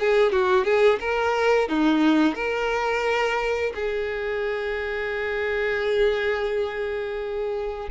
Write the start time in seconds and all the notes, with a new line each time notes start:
0.00 G#4
0.33 F#4
0.65 G#4
1.01 A#4
1.69 D#4
2.35 A#4
3.76 G#4